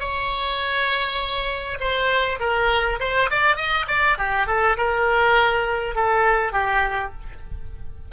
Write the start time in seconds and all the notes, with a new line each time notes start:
0.00 C#5
1.80 C5
2.40 A#4
3.01 C5
3.31 D5
3.57 D#5
3.88 D5
4.18 G4
4.47 A4
4.77 A#4
5.95 A4
6.53 G4